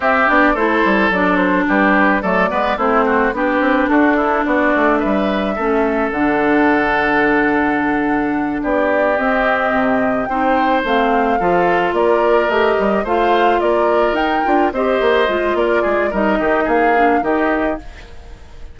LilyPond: <<
  \new Staff \with { instrumentName = "flute" } { \time 4/4 \tempo 4 = 108 e''8 d''8 c''4 d''8 c''8 b'4 | d''4 c''4 b'4 a'4 | d''4 e''2 fis''4~ | fis''2.~ fis''8 d''8~ |
d''8 dis''2 g''4 f''8~ | f''4. d''4 dis''4 f''8~ | f''8 d''4 g''4 dis''4. | d''4 dis''4 f''4 dis''4 | }
  \new Staff \with { instrumentName = "oboe" } { \time 4/4 g'4 a'2 g'4 | a'8 b'8 e'8 fis'8 g'4 fis'8 e'8 | fis'4 b'4 a'2~ | a'2.~ a'8 g'8~ |
g'2~ g'8 c''4.~ | c''8 a'4 ais'2 c''8~ | c''8 ais'2 c''4. | ais'8 gis'8 ais'8 g'8 gis'4 g'4 | }
  \new Staff \with { instrumentName = "clarinet" } { \time 4/4 c'8 d'8 e'4 d'2 | a8 b8 c'4 d'2~ | d'2 cis'4 d'4~ | d'1~ |
d'8 c'2 dis'4 c'8~ | c'8 f'2 g'4 f'8~ | f'4. dis'8 f'8 g'4 f'8~ | f'4 dis'4. d'8 dis'4 | }
  \new Staff \with { instrumentName = "bassoon" } { \time 4/4 c'8 b8 a8 g8 fis4 g4 | fis8 gis8 a4 b8 c'8 d'4 | b8 a8 g4 a4 d4~ | d2.~ d8 b8~ |
b8 c'4 c4 c'4 a8~ | a8 f4 ais4 a8 g8 a8~ | a8 ais4 dis'8 d'8 c'8 ais8 gis8 | ais8 gis8 g8 dis8 ais4 dis4 | }
>>